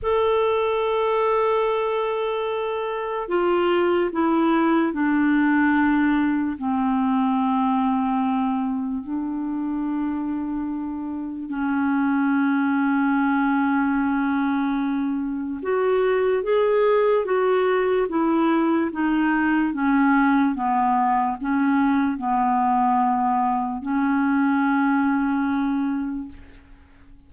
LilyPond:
\new Staff \with { instrumentName = "clarinet" } { \time 4/4 \tempo 4 = 73 a'1 | f'4 e'4 d'2 | c'2. d'4~ | d'2 cis'2~ |
cis'2. fis'4 | gis'4 fis'4 e'4 dis'4 | cis'4 b4 cis'4 b4~ | b4 cis'2. | }